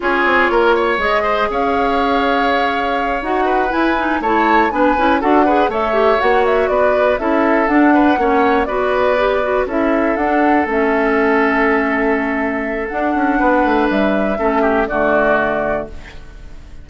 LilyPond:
<<
  \new Staff \with { instrumentName = "flute" } { \time 4/4 \tempo 4 = 121 cis''2 dis''4 f''4~ | f''2~ f''8 fis''4 gis''8~ | gis''8 a''4 gis''4 fis''4 e''8~ | e''8 fis''8 e''8 d''4 e''4 fis''8~ |
fis''4. d''2 e''8~ | e''8 fis''4 e''2~ e''8~ | e''2 fis''2 | e''2 d''2 | }
  \new Staff \with { instrumentName = "oboe" } { \time 4/4 gis'4 ais'8 cis''4 c''8 cis''4~ | cis''2. b'4~ | b'8 cis''4 b'4 a'8 b'8 cis''8~ | cis''4. b'4 a'4. |
b'8 cis''4 b'2 a'8~ | a'1~ | a'2. b'4~ | b'4 a'8 g'8 fis'2 | }
  \new Staff \with { instrumentName = "clarinet" } { \time 4/4 f'2 gis'2~ | gis'2~ gis'8 fis'4 e'8 | dis'8 e'4 d'8 e'8 fis'8 gis'8 a'8 | g'8 fis'2 e'4 d'8~ |
d'8 cis'4 fis'4 g'8 fis'8 e'8~ | e'8 d'4 cis'2~ cis'8~ | cis'2 d'2~ | d'4 cis'4 a2 | }
  \new Staff \with { instrumentName = "bassoon" } { \time 4/4 cis'8 c'8 ais4 gis4 cis'4~ | cis'2~ cis'8 dis'4 e'8~ | e'8 a4 b8 cis'8 d'4 a8~ | a8 ais4 b4 cis'4 d'8~ |
d'8 ais4 b2 cis'8~ | cis'8 d'4 a2~ a8~ | a2 d'8 cis'8 b8 a8 | g4 a4 d2 | }
>>